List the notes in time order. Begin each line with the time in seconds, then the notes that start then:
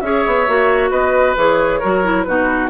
0.00 C#4 G#4 C#5 E5
0.26 B3
0.47 A#3 F#4
0.90 B3 B4 D#5
1.36 E3 G#4 C#5
1.79 F#3 F#4 A#4
2.03 E4
2.23 B2 D#4 F#4 B4